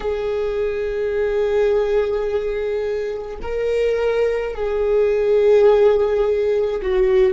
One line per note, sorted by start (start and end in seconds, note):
0.00 3.37 G#4
3.42 4.54 A#4
4.54 6.81 G#4
6.82 7.33 F#4